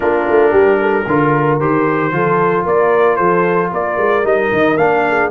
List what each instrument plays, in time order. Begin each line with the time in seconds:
0.00 tuba A#3, trombone D4, horn F4, trumpet A#4
0.29 tuba A3
0.51 tuba G3, horn G4
0.81 horn A4
1.07 tuba D3, trombone F4, horn A#4
1.60 tuba D#3, trombone G4, trumpet C5
2.12 tuba F3, trombone F4, horn A4
2.64 tuba A#3, horn A#4, trumpet D5
3.16 tuba F3, horn A4, trumpet C5
3.71 tuba A#3, horn A#4, trumpet D5
3.97 tuba G#3
4.24 tuba G3, trombone D#4, trumpet D#5
4.51 tuba D#3
4.76 tuba A#3, trombone D4, trumpet F5
5.07 horn G#4